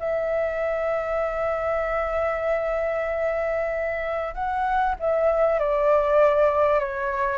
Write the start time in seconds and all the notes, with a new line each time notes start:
0.00 E5
4.35 F#5
5.00 E5
5.60 D5
6.80 C#5